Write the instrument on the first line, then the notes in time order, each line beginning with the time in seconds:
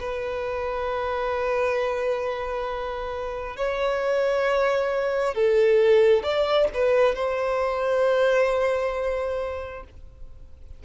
violin
0.00 B4
3.57 C#5
5.35 A4
6.23 D5
6.74 B4
7.15 C5